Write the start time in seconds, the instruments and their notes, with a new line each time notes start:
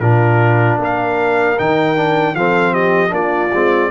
0.00 tuba A#2, trombone D4, horn F4, trumpet A#4
0.79 tuba A#3, horn A#4, trumpet F5
1.58 tuba D#3, trombone D#4, trumpet G5
1.96 trombone D4
2.34 tuba F3, trombone C4, horn A4, trumpet F5
2.72 horn G4, trumpet D#5
3.09 tuba A#3, trombone D4, horn F4, trumpet D5
3.54 tuba G#3, trombone C4